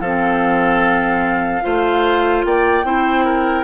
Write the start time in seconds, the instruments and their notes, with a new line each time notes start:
0.00 bassoon F3, clarinet C4, oboe A4, flute F5
1.62 bassoon A3, clarinet F4, oboe C5
2.44 bassoon A#3, oboe D5, flute G5
2.83 bassoon C4, clarinet E4, oboe C5
3.25 oboe A#4